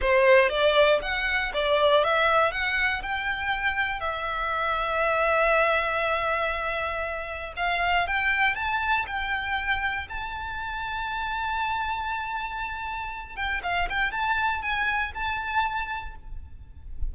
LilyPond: \new Staff \with { instrumentName = "violin" } { \time 4/4 \tempo 4 = 119 c''4 d''4 fis''4 d''4 | e''4 fis''4 g''2 | e''1~ | e''2. f''4 |
g''4 a''4 g''2 | a''1~ | a''2~ a''8 g''8 f''8 g''8 | a''4 gis''4 a''2 | }